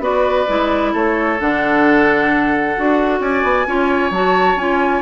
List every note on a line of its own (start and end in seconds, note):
0.00 0.45 B3
0.00 0.46 F#4
0.00 0.93 B4
0.00 0.94 D5
0.48 0.94 G#3
0.48 1.39 E4
0.93 1.39 A3
0.93 3.20 A4
0.93 1.40 C#5
1.40 2.77 D3
1.40 2.76 D4
1.40 3.21 F#5
2.76 3.20 D4
2.76 3.67 F#4
3.20 3.43 C#4
3.20 3.67 D5
3.20 4.12 G#5
3.43 3.66 B3
3.67 4.11 C#4
3.67 4.12 F4
3.67 5.02 C#5
4.11 4.56 F#3
4.11 4.58 F#4
4.11 4.58 A5
4.56 5.02 C#4
4.56 5.02 F4
4.56 5.02 G#5